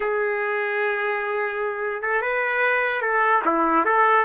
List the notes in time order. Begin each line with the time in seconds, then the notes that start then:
0.00 G#4
2.02 A4
2.21 B4
3.01 A4
3.45 E4
3.85 A4